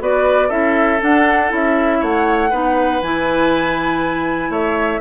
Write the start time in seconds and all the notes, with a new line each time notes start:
0.00 B3 F#4 B4 D5
0.48 C#4 E4 A4 E5
1.00 D4 F#5
1.48 C#4 E4 E5
2.00 A3 C#5 F#5
2.50 B3 D#4 B4
3.01 E3 E4 G#5
4.49 A3 C#5 E5